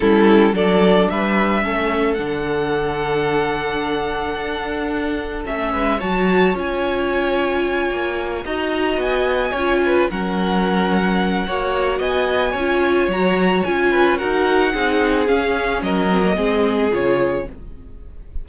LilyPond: <<
  \new Staff \with { instrumentName = "violin" } { \time 4/4 \tempo 4 = 110 a'4 d''4 e''2 | fis''1~ | fis''2 e''4 a''4 | gis''2.~ gis''8 ais''8~ |
ais''8 gis''2 fis''4.~ | fis''2 gis''2 | ais''4 gis''4 fis''2 | f''4 dis''2 cis''4 | }
  \new Staff \with { instrumentName = "violin" } { \time 4/4 e'4 a'4 b'4 a'4~ | a'1~ | a'2~ a'8 b'8 cis''4~ | cis''2.~ cis''8 dis''8~ |
dis''4. cis''8 b'8 ais'4.~ | ais'4 cis''4 dis''4 cis''4~ | cis''4. b'8 ais'4 gis'4~ | gis'4 ais'4 gis'2 | }
  \new Staff \with { instrumentName = "viola" } { \time 4/4 cis'4 d'2 cis'4 | d'1~ | d'2 cis'4 fis'4 | f'2.~ f'8 fis'8~ |
fis'4. f'4 cis'4.~ | cis'4 fis'2 f'4 | fis'4 f'4 fis'4 dis'4 | cis'4. c'16 ais16 c'4 f'4 | }
  \new Staff \with { instrumentName = "cello" } { \time 4/4 g4 fis4 g4 a4 | d1 | d'2 a8 gis8 fis4 | cis'2~ cis'8 ais4 dis'8~ |
dis'8 b4 cis'4 fis4.~ | fis4 ais4 b4 cis'4 | fis4 cis'4 dis'4 c'4 | cis'4 fis4 gis4 cis4 | }
>>